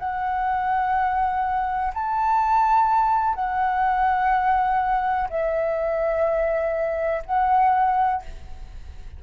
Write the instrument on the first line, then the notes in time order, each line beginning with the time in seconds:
flute
0.00 F#5
1.94 A5
3.35 F#5
5.30 E5
7.26 F#5